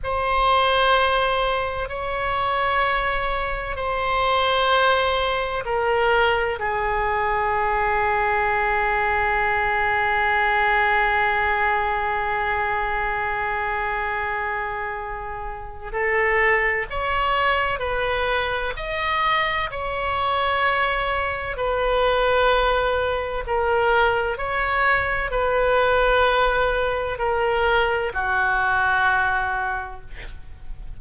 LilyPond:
\new Staff \with { instrumentName = "oboe" } { \time 4/4 \tempo 4 = 64 c''2 cis''2 | c''2 ais'4 gis'4~ | gis'1~ | gis'1~ |
gis'4 a'4 cis''4 b'4 | dis''4 cis''2 b'4~ | b'4 ais'4 cis''4 b'4~ | b'4 ais'4 fis'2 | }